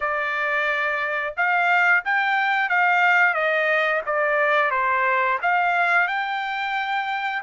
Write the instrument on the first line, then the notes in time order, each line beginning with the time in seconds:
trumpet
0.00 D5
1.36 F5
2.04 G5
2.69 F5
3.34 D#5
4.05 D5
4.70 C5
5.41 F5
6.07 G5